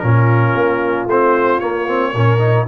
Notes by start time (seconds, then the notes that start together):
0.00 A#2 C#4 F4 A#4
0.54 A#3
1.06 A3 C4 C5
1.60 A#3 C#5
1.87 C4
2.14 A#2 C#4 A#4
2.39 D#4